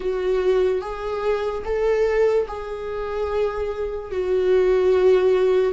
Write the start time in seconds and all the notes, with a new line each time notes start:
0.00 F#4
0.81 G#4
1.64 A4
2.47 G#4
4.11 F#4